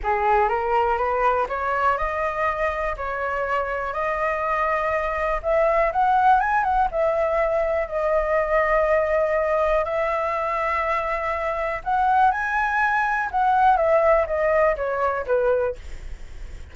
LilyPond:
\new Staff \with { instrumentName = "flute" } { \time 4/4 \tempo 4 = 122 gis'4 ais'4 b'4 cis''4 | dis''2 cis''2 | dis''2. e''4 | fis''4 gis''8 fis''8 e''2 |
dis''1 | e''1 | fis''4 gis''2 fis''4 | e''4 dis''4 cis''4 b'4 | }